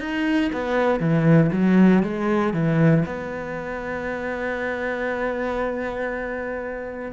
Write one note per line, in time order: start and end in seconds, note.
0.00 0.51 D#4
0.53 1.00 B3
1.00 1.51 E3
1.52 2.03 F#3
2.03 2.54 G#3
2.54 3.05 E3
3.06 7.12 B3